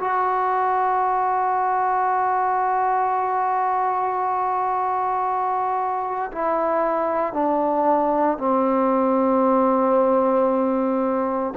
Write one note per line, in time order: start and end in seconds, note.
0.00 6.32 F#4
6.32 7.33 E4
7.33 8.38 D4
8.38 11.54 C4